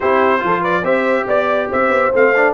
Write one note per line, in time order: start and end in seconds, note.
0.00 0.43 C4
0.00 0.39 E4
0.00 0.43 G4
0.00 0.63 C5
0.39 0.83 F3
0.39 0.81 F4
0.39 0.61 A4
0.61 0.82 B4
0.61 0.84 D5
0.83 1.26 C4
0.83 2.11 G4
0.83 1.26 C5
0.83 1.27 E5
1.27 1.69 B3
1.27 1.69 D5
1.27 1.70 D5
1.69 1.88 C4
1.69 2.53 C5
1.69 2.15 E5
1.88 2.10 B3
2.12 2.53 A3
2.12 2.33 C4
2.12 2.53 F5
2.35 2.53 D4